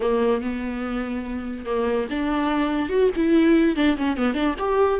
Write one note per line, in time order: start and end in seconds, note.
0.00 0.41 A#3
0.41 1.65 B3
1.65 2.07 A#3
2.09 2.89 D4
2.89 3.10 F#4
3.16 3.75 E4
3.75 3.96 D4
3.97 4.16 C#4
4.16 4.34 B3
4.34 4.54 D4
4.59 5.00 G4